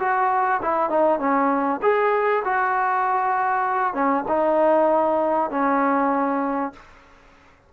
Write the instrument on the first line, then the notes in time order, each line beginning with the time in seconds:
trombone
0.00 F#4
0.62 E4
0.90 D#4
1.20 C#4
1.83 G#4
2.45 F#4
3.94 C#4
4.29 D#4
5.51 C#4